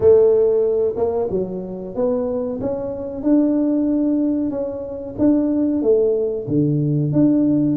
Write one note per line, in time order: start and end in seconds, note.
0.00 0.94 A3
0.96 1.28 A#3
1.30 1.95 F#3
1.95 2.59 B3
2.60 3.23 C#4
3.23 4.50 D4
4.50 5.15 C#4
5.18 5.82 D4
5.82 6.46 A3
6.47 7.12 D3
7.12 7.76 D4